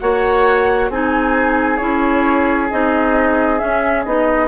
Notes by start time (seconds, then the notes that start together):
0.00 A#3 F#4 C#5 F#5
0.90 C4 D#4 G#4 G#5
1.77 C#4 E4 C#5
2.71 C4 D#4 D#5
3.59 C#4 E5
4.05 B3 D#4 D#5